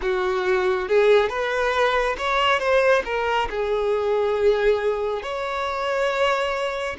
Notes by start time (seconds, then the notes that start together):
0.01 F#4
0.88 G#4
1.29 B4
2.17 C#5
2.59 C5
3.04 A#4
3.50 G#4
5.22 C#5